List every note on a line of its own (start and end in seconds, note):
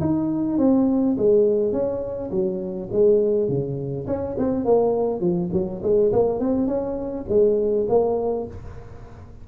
0.00 0.58 D#4
0.58 1.16 C4
1.17 1.72 G#3
1.72 2.30 C#4
2.30 2.89 F#3
2.91 3.48 G#3
3.48 4.06 C#3
4.07 4.36 C#4
4.38 4.64 C4
4.64 5.20 A#3
5.20 5.49 F3
5.52 5.81 F#3
5.83 6.12 G#3
6.12 6.39 A#3
6.39 6.67 C4
6.67 7.25 C#4
7.28 7.87 G#3
7.88 8.47 A#3